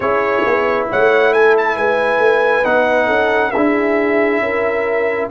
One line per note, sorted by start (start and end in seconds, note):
0.00 0.42 C#4
0.00 2.63 E4
0.00 0.88 G#4
0.00 0.86 C#5
0.46 0.90 B3
0.90 1.77 A3
0.90 1.32 C#5
0.90 1.33 F#5
1.32 1.76 A4
1.32 1.55 G#5
1.57 1.77 A5
1.76 2.18 G#3
1.76 3.06 B4
1.76 2.64 G#5
2.18 2.62 A3
2.63 3.08 B3
2.63 3.52 D#4
2.63 3.51 F#5
3.06 3.53 C#4
3.06 3.50 A4
3.51 4.39 D4
3.51 5.30 E4
3.51 4.42 G#4
3.51 5.27 E5
4.39 5.27 C#4
4.39 5.30 A#4